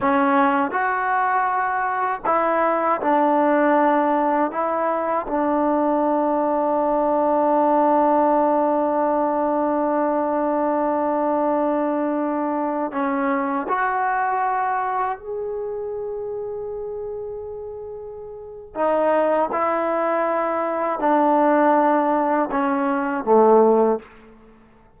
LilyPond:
\new Staff \with { instrumentName = "trombone" } { \time 4/4 \tempo 4 = 80 cis'4 fis'2 e'4 | d'2 e'4 d'4~ | d'1~ | d'1~ |
d'4~ d'16 cis'4 fis'4.~ fis'16~ | fis'16 gis'2.~ gis'8.~ | gis'4 dis'4 e'2 | d'2 cis'4 a4 | }